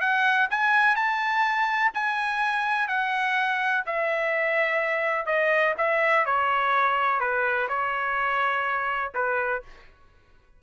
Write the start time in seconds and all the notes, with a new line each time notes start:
0.00 F#5
0.50 G#5
0.95 A5
1.94 G#5
2.88 F#5
3.86 E5
5.26 D#5
5.77 E5
6.25 C#5
7.20 B4
7.68 C#5
9.14 B4